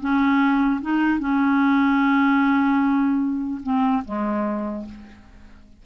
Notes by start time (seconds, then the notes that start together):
0.00 C#4
0.81 D#4
1.19 C#4
3.63 C4
4.05 G#3